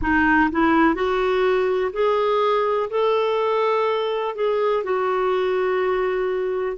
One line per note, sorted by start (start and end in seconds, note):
0.01 0.50 D#4
0.51 0.95 E4
0.95 1.91 F#4
1.92 2.89 G#4
2.90 4.35 A4
4.35 4.83 G#4
4.83 6.77 F#4